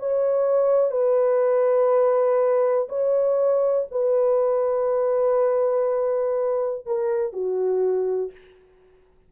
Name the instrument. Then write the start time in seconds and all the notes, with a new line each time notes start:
horn
0.00 C#5
0.92 B4
2.89 C#5
3.92 B4
6.87 A#4
7.34 F#4